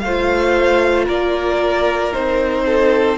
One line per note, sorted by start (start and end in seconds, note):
0.00 1.09 A3
0.00 2.13 F4
0.00 1.06 C5
0.00 1.05 F5
1.06 2.14 A#3
1.06 2.64 A#4
1.06 2.14 D5
2.13 3.18 C4
2.13 3.18 D#4
2.13 3.18 C5
2.66 3.18 A4